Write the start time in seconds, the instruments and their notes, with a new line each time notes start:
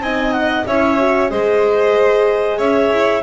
0.00 double bass C4, horn D#4, violin D#5, clarinet G#5
0.32 clarinet F#5
0.66 double bass C#4, horn E4, violin C#5, clarinet E5
0.98 horn F#4
1.30 double bass G#3, horn G#4, violin C5, clarinet D#5
2.58 double bass C#4, violin C#5, clarinet E5
2.91 double bass E4